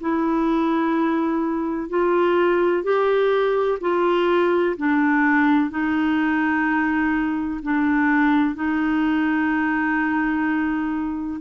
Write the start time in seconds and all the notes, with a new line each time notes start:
0.00 E4
1.89 F4
2.84 G4
3.81 F4
4.77 D4
5.70 D#4
7.62 D4
8.55 D#4